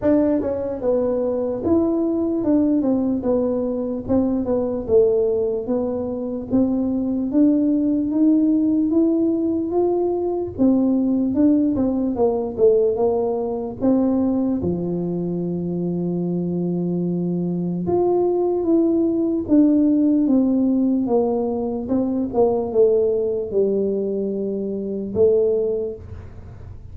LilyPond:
\new Staff \with { instrumentName = "tuba" } { \time 4/4 \tempo 4 = 74 d'8 cis'8 b4 e'4 d'8 c'8 | b4 c'8 b8 a4 b4 | c'4 d'4 dis'4 e'4 | f'4 c'4 d'8 c'8 ais8 a8 |
ais4 c'4 f2~ | f2 f'4 e'4 | d'4 c'4 ais4 c'8 ais8 | a4 g2 a4 | }